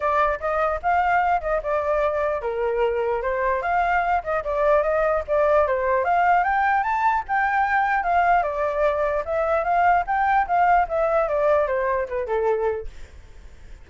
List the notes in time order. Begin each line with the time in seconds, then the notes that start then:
0.00 D5
0.39 D#5
0.82 F5
1.41 D#5
1.62 D5
2.41 A#4
3.21 C5
3.62 F5
4.23 D#5
4.44 D5
4.82 D#5
5.27 D5
5.67 C5
6.04 F5
6.43 G5
6.83 A5
7.27 G5
8.03 F5
8.43 D5
9.25 E5
9.64 F5
10.06 G5
10.47 F5
10.88 E5
11.28 D5
11.67 C5
12.08 B4
12.27 A4